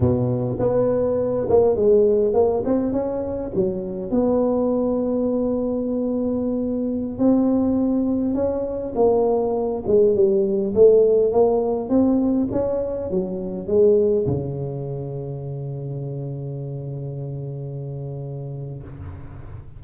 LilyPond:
\new Staff \with { instrumentName = "tuba" } { \time 4/4 \tempo 4 = 102 b,4 b4. ais8 gis4 | ais8 c'8 cis'4 fis4 b4~ | b1~ | b16 c'2 cis'4 ais8.~ |
ais8. gis8 g4 a4 ais8.~ | ais16 c'4 cis'4 fis4 gis8.~ | gis16 cis2.~ cis8.~ | cis1 | }